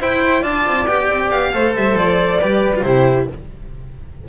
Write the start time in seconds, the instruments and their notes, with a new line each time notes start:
0.00 double bass E4, cello E4, flute C5, violin G5
0.42 double bass D4, cello F4, flute D5, violin A5
0.67 double bass C4
0.86 double bass B3, cello G4, violin G5
1.09 double bass C4
1.30 double bass B3, violin F5
1.53 double bass A3, cello A4, flute C5
1.76 double bass G3, violin E5
1.94 double bass F3, violin D5
2.40 double bass G3, cello G4, flute B4
2.75 cello F4
2.82 double bass C3, cello E4, flute G4, violin C5